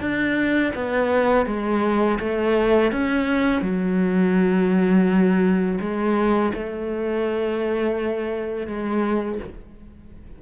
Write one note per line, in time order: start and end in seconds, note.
0.00 0.72 D4
0.75 1.46 B3
1.46 2.18 G#3
2.19 2.91 A3
2.91 3.61 C#4
3.61 5.78 F#3
5.80 6.53 G#3
6.53 8.66 A3
8.66 9.39 G#3